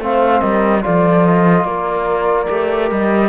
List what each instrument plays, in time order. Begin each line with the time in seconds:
0.00 cello A3, trombone C4, horn C5, flute F5
0.40 cello G3, horn A#4, flute D#5
0.82 cello F3, trombone F4, horn A4, flute D5
1.25 flute D#5
1.64 cello A#3, horn A#4, flute D5
2.47 cello A3, trombone G4
2.90 cello G3, flute D#5